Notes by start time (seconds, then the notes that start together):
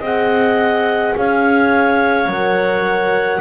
0.00 C4 G#4 D#5 F#5
1.17 C#4 C#5 F5
2.26 F#3 A#4 F#5